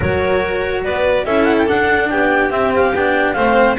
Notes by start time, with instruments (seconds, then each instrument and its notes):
0.00 double bass F#3, cello F#4, violin A#4, clarinet C#5
0.84 double bass B3, violin B4, clarinet D5
1.25 double bass C#4, cello E4, violin A4, clarinet E5
1.44 clarinet F#5
1.57 clarinet G5
1.66 cello D4, double bass D4, clarinet F#5
2.09 double bass B3, violin G4, clarinet G5
2.50 cello C4, double bass C4, clarinet E5
2.75 clarinet F5
2.94 double bass B3, cello D4, clarinet G5
3.32 double bass A3, cello C4, violin C5, clarinet F5